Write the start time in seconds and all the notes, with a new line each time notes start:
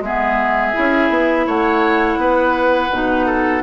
0.00 G#3 B3 G#4 E5
0.73 C#4 E4
1.09 B3
1.46 A3 C#5 F#5
2.17 B3 B4
2.91 B2 D#4
3.26 A4